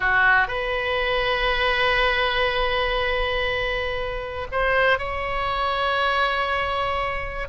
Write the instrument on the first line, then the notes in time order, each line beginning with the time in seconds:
oboe
0.00 F#4
0.47 B4
4.51 C5
4.98 C#5